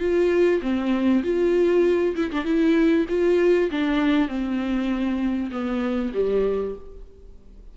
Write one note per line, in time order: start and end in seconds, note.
0.00 0.61 F4
0.62 1.23 C4
1.24 2.15 F4
2.16 2.31 E4
2.32 2.45 D4
2.45 3.06 E4
3.09 3.70 F4
3.71 4.28 D4
4.28 5.51 C4
5.51 6.13 B3
6.14 6.75 G3